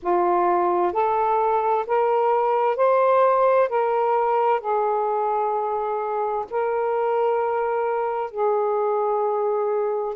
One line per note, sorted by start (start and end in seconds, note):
0.02 0.92 F4
0.92 1.85 A4
1.86 2.76 A#4
2.76 3.68 C5
3.68 4.60 A#4
4.60 6.45 G#4
6.50 8.31 A#4
8.31 10.15 G#4